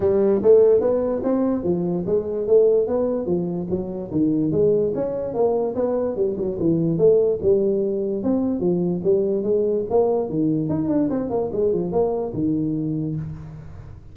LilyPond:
\new Staff \with { instrumentName = "tuba" } { \time 4/4 \tempo 4 = 146 g4 a4 b4 c'4 | f4 gis4 a4 b4 | f4 fis4 dis4 gis4 | cis'4 ais4 b4 g8 fis8 |
e4 a4 g2 | c'4 f4 g4 gis4 | ais4 dis4 dis'8 d'8 c'8 ais8 | gis8 f8 ais4 dis2 | }